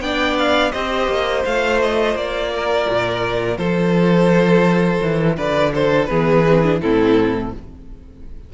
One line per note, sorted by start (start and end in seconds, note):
0.00 0.71 B3
0.00 0.74 D4
0.00 0.72 D5
0.00 0.37 G5
0.38 0.72 F5
0.72 1.07 C4
0.72 1.46 G4
0.72 2.51 C5
0.72 1.43 D#5
1.07 1.43 A#3
1.45 2.15 A3
1.45 6.09 F4
1.45 1.81 F5
1.81 2.17 D#5
2.15 2.86 A#3
2.15 3.57 D5
2.54 3.57 A#4
2.90 3.57 A#2
3.57 5.00 F3
3.57 5.36 A4
3.57 5.36 C5
5.02 5.37 E3
5.36 6.09 D3
5.36 5.72 B4
5.36 5.73 D5
5.74 6.10 A4
5.74 6.05 C5
6.05 6.82 E3
6.05 6.45 B3
6.05 6.81 G#4
6.05 6.77 B4
6.48 6.64 C4
6.64 6.82 D4
6.81 7.53 A2
6.81 7.53 C4
6.81 7.54 E4
6.81 7.53 A4